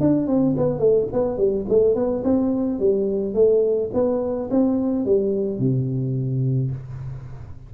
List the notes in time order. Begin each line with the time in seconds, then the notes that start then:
0.00 D4
0.27 C4
0.56 B3
0.79 A3
1.12 B3
1.37 G3
1.68 A3
1.95 B3
2.23 C4
2.79 G3
3.34 A3
3.93 B3
4.50 C4
5.05 G3
5.58 C3